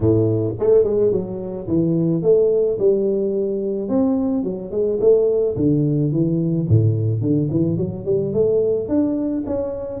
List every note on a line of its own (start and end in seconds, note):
0.00 0.55 A2
0.59 0.84 A3
0.84 1.11 G#3
1.11 1.67 F#3
1.67 2.22 E3
2.22 2.78 A3
2.79 3.89 G3
3.89 4.43 C4
4.43 4.71 F#3
4.71 4.98 G#3
5.00 5.56 A3
5.56 6.11 D3
6.12 6.67 E3
6.68 7.21 A2
7.21 7.48 D3
7.50 7.77 E3
7.77 8.05 F#3
8.05 8.33 G3
8.33 8.88 A3
8.88 9.44 D4
9.46 10.00 C#4